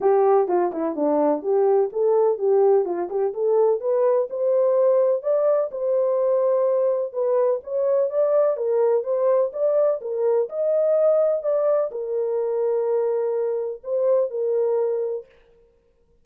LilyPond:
\new Staff \with { instrumentName = "horn" } { \time 4/4 \tempo 4 = 126 g'4 f'8 e'8 d'4 g'4 | a'4 g'4 f'8 g'8 a'4 | b'4 c''2 d''4 | c''2. b'4 |
cis''4 d''4 ais'4 c''4 | d''4 ais'4 dis''2 | d''4 ais'2.~ | ais'4 c''4 ais'2 | }